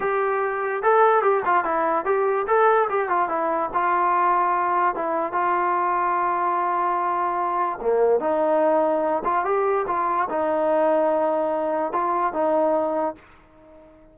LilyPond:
\new Staff \with { instrumentName = "trombone" } { \time 4/4 \tempo 4 = 146 g'2 a'4 g'8 f'8 | e'4 g'4 a'4 g'8 f'8 | e'4 f'2. | e'4 f'2.~ |
f'2. ais4 | dis'2~ dis'8 f'8 g'4 | f'4 dis'2.~ | dis'4 f'4 dis'2 | }